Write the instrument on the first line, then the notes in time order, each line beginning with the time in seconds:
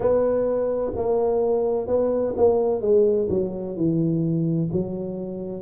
tuba
0.00 B3
0.95 A#3
1.87 B3
2.37 A#3
2.81 G#3
3.29 F#3
3.76 E3
4.71 F#3